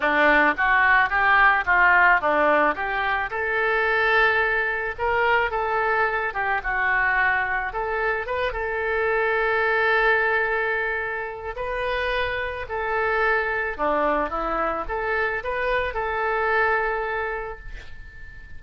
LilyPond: \new Staff \with { instrumentName = "oboe" } { \time 4/4 \tempo 4 = 109 d'4 fis'4 g'4 f'4 | d'4 g'4 a'2~ | a'4 ais'4 a'4. g'8 | fis'2 a'4 b'8 a'8~ |
a'1~ | a'4 b'2 a'4~ | a'4 d'4 e'4 a'4 | b'4 a'2. | }